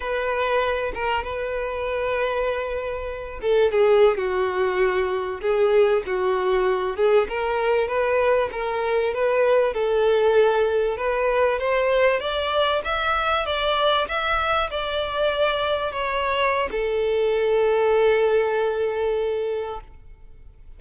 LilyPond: \new Staff \with { instrumentName = "violin" } { \time 4/4 \tempo 4 = 97 b'4. ais'8 b'2~ | b'4. a'8 gis'8. fis'4~ fis'16~ | fis'8. gis'4 fis'4. gis'8 ais'16~ | ais'8. b'4 ais'4 b'4 a'16~ |
a'4.~ a'16 b'4 c''4 d''16~ | d''8. e''4 d''4 e''4 d''16~ | d''4.~ d''16 cis''4~ cis''16 a'4~ | a'1 | }